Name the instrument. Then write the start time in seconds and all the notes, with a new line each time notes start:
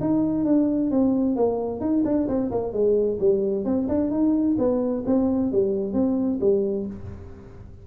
tuba
0.00 D#4
0.45 D4
0.90 C4
1.36 A#3
1.80 D#4
2.05 D4
2.28 C4
2.51 A#3
2.72 G#3
3.19 G3
3.65 C4
3.88 D4
4.11 D#4
4.58 B3
5.06 C4
5.52 G3
5.93 C4
6.40 G3